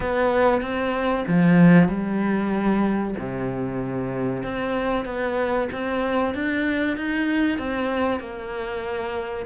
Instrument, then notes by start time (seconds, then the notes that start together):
cello
0.00 B3
0.61 C4
1.27 F3
1.88 G3
3.18 C3
4.43 C4
5.05 B3
5.72 C4
6.34 D4
6.96 D#4
7.58 C4
8.19 A#3